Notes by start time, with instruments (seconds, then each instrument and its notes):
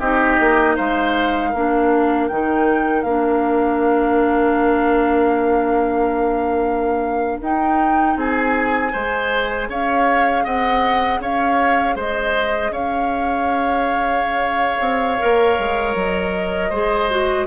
0.00 bassoon C4, clarinet D#4, oboe G4, flute D#5
0.40 bassoon A#3
0.76 bassoon G#3, oboe C5, flute F5
1.50 bassoon A#3, clarinet D4, oboe A#4
2.28 bassoon D#3, clarinet D#4, flute G5
3.03 bassoon A#3, clarinet D4, flute F5
7.41 bassoon D#4, clarinet D#4, flute G5
8.17 bassoon C4, oboe G#4, flute G#5
8.93 bassoon G#3, clarinet G#4, oboe C5
9.69 bassoon C#4, oboe C#5, flute F5
10.44 bassoon C4, oboe D#5, flute F#5
11.20 bassoon C#4, oboe C#5, flute F5
11.95 bassoon G#3, oboe C5, flute D#5
12.72 bassoon C#4, oboe C#5, flute F5
14.80 bassoon C4
15.20 bassoon A#3, clarinet A#4
15.59 bassoon G#3
15.96 bassoon F#3, flute D#5
16.70 bassoon G#3, clarinet G#4, oboe C5
17.11 clarinet F#4